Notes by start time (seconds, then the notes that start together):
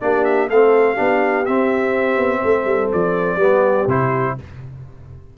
0.00 A#3 D4 G4 D5
0.24 E5
0.49 A3 C4 A4 F5
0.94 B3 D4 G4
1.45 C4 E5
2.16 B3
2.43 A3 A4
2.64 G3
2.92 F3 D5
3.36 G3 B3 G4
3.86 C3 E4 C5